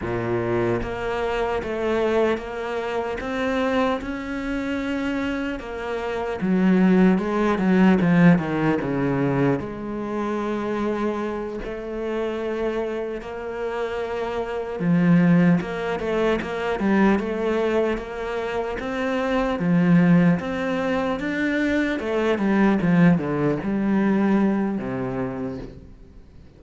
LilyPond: \new Staff \with { instrumentName = "cello" } { \time 4/4 \tempo 4 = 75 ais,4 ais4 a4 ais4 | c'4 cis'2 ais4 | fis4 gis8 fis8 f8 dis8 cis4 | gis2~ gis8 a4.~ |
a8 ais2 f4 ais8 | a8 ais8 g8 a4 ais4 c'8~ | c'8 f4 c'4 d'4 a8 | g8 f8 d8 g4. c4 | }